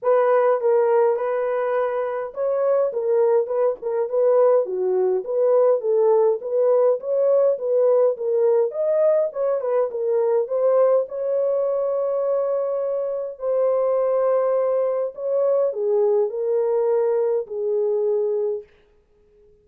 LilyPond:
\new Staff \with { instrumentName = "horn" } { \time 4/4 \tempo 4 = 103 b'4 ais'4 b'2 | cis''4 ais'4 b'8 ais'8 b'4 | fis'4 b'4 a'4 b'4 | cis''4 b'4 ais'4 dis''4 |
cis''8 b'8 ais'4 c''4 cis''4~ | cis''2. c''4~ | c''2 cis''4 gis'4 | ais'2 gis'2 | }